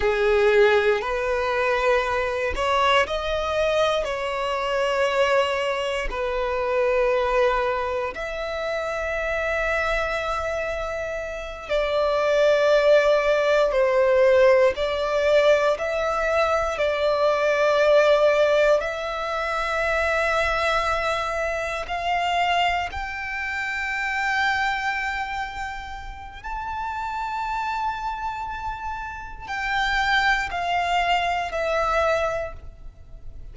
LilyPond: \new Staff \with { instrumentName = "violin" } { \time 4/4 \tempo 4 = 59 gis'4 b'4. cis''8 dis''4 | cis''2 b'2 | e''2.~ e''8 d''8~ | d''4. c''4 d''4 e''8~ |
e''8 d''2 e''4.~ | e''4. f''4 g''4.~ | g''2 a''2~ | a''4 g''4 f''4 e''4 | }